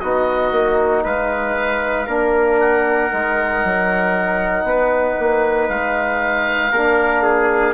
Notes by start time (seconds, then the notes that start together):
0.00 B3 D#4 F#4 D#5
0.52 A#3
1.04 G#3 B4 F5
2.07 A#3 D4 A#4
2.60 F#5
3.11 G#3 D#4
3.64 F#3
4.64 B3 B4
5.19 A#3
5.69 G#3 F5
6.72 A#3 D4 A#4
7.23 G#4